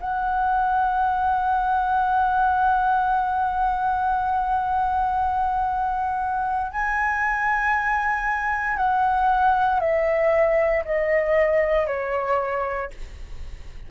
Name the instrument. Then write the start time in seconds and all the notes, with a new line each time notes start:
flute
0.00 F#5
6.71 G#5
8.77 F#5
9.80 E5
10.85 D#5
11.87 C#5